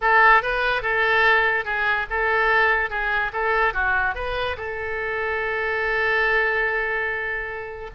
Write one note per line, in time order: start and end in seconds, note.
0.01 0.42 A4
0.42 0.82 B4
0.82 1.65 A4
1.65 2.06 G#4
2.09 2.90 A4
2.90 3.31 G#4
3.32 3.73 A4
3.73 4.14 F#4
4.14 4.56 B4
4.57 7.90 A4